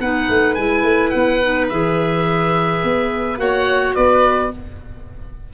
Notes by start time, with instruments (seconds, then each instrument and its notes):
0.00 tuba B3, clarinet D#4, violin B4, oboe F#5
0.29 tuba A3
0.55 tuba G#3, clarinet E4, oboe G#5
0.83 tuba A3
1.10 tuba B3, oboe F#5
1.42 clarinet D#4
1.69 tuba E3, clarinet G#4, oboe E5
2.84 tuba B3
3.37 tuba A#3, clarinet F#4, violin C#5, oboe F#5
3.95 tuba B3, violin B4, oboe D5